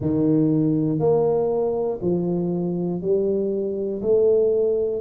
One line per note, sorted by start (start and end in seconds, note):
0.00 0.99 D#3
0.99 1.99 A#3
2.01 3.01 F3
3.01 4.01 G3
4.01 5.01 A3